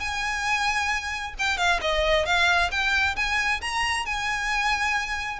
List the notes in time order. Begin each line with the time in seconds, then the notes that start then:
0.00 G#5
1.39 G5
1.58 F5
1.81 D#5
2.26 F5
2.71 G5
3.16 G#5
3.61 A#5
4.06 G#5